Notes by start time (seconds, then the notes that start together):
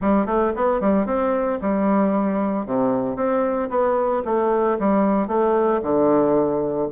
0.01 G3
0.26 A3
0.55 B3
0.80 G3
1.06 C4
1.61 G3
2.65 C3
3.16 C4
3.69 B3
4.25 A3
4.79 G3
5.27 A3
5.82 D3